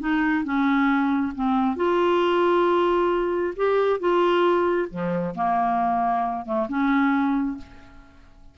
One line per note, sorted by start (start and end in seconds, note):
0.00 0.44 D#4
0.44 1.33 C#4
1.35 1.77 C4
1.77 3.54 F4
3.57 4.00 G4
4.00 4.89 F4
4.91 5.35 F3
5.35 6.46 A#3
6.46 6.68 A3
6.69 7.58 C#4